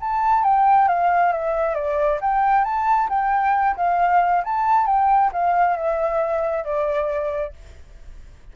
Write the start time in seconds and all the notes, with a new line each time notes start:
0.00 A5
0.44 G5
0.88 F5
1.33 E5
1.75 D5
2.21 G5
2.64 A5
3.09 G5
3.77 F5
4.44 A5
4.87 G5
5.33 F5
5.77 E5
6.64 D5